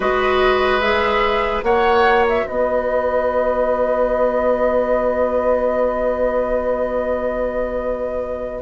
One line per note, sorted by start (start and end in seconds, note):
0.00 1.62 G#3
0.00 0.81 F#4
0.00 1.64 B4
0.00 0.80 D#5
0.80 1.63 G#4
0.80 1.62 E5
1.62 2.45 A#3
1.62 8.61 F#4
1.62 2.46 C#5
1.62 2.25 F#5
2.28 2.47 E5
2.46 8.62 B3
2.46 8.62 B4
2.46 8.62 D#5